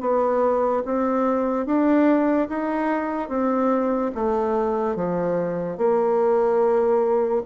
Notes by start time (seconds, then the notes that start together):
0.00 B3
0.85 C4
1.66 D4
2.48 D#4
3.28 C4
4.14 A3
4.95 F3
5.77 A#3